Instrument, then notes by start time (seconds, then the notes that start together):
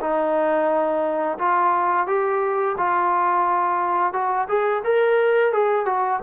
trombone
0.00 D#4
1.38 F4
2.07 G4
2.77 F4
4.13 F#4
4.48 G#4
4.84 A#4
5.53 G#4
5.85 F#4